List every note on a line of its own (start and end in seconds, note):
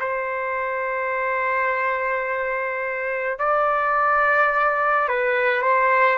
0.00 3.39 C5
3.39 5.08 D5
5.08 5.61 B4
5.61 6.18 C5